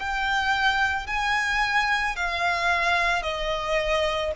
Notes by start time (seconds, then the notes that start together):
0.00 G5
1.07 G#5
2.16 F5
3.23 D#5